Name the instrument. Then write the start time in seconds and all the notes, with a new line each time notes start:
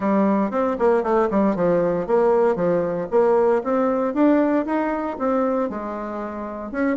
bassoon
0.00 G3
0.50 C4
0.78 A#3
1.03 A3
1.30 G3
1.55 F3
2.06 A#3
2.55 F3
3.10 A#3
3.63 C4
4.14 D4
4.65 D#4
5.18 C4
5.69 G#3
6.71 C#4